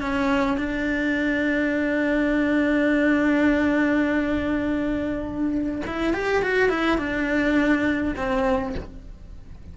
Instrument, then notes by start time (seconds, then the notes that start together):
cello
0.00 C#4
0.57 D4
5.86 E4
6.13 G4
6.42 F#4
6.69 E4
6.98 D4
8.16 C4